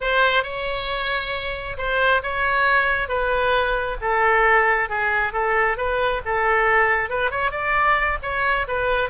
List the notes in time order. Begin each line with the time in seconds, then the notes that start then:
0.00 C5
0.43 C#5
1.77 C5
2.23 C#5
3.08 B4
4.01 A4
4.89 G#4
5.32 A4
5.77 B4
6.25 A4
7.09 B4
7.31 C#5
7.51 D5
8.22 C#5
8.67 B4